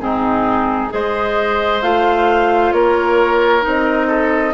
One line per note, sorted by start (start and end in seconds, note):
0.00 0.91 G#2
0.00 0.90 C4
0.00 0.94 D#4
0.00 0.91 G#4
0.90 1.82 G#3
0.90 1.81 G#4
0.90 2.74 C5
0.90 1.82 D#5
1.82 2.73 A3
1.82 3.62 F4
1.82 2.73 F5
2.73 3.64 A#3
2.73 4.08 A#4
2.73 3.64 C#5
3.62 4.55 C4
3.62 4.53 D#4
3.68 4.55 D#5
4.08 4.53 A4